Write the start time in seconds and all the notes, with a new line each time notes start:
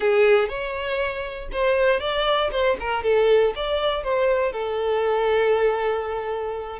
0.00 G#4
0.48 C#5
1.52 C5
1.99 D5
2.51 C5
2.79 A#4
3.03 A4
3.55 D5
4.03 C5
4.52 A4